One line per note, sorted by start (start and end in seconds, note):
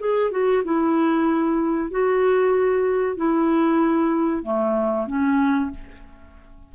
0.00 0.31 G#4
0.31 0.63 F#4
0.64 1.91 E4
1.91 3.17 F#4
3.17 4.43 E4
4.43 5.07 A3
5.07 5.71 C#4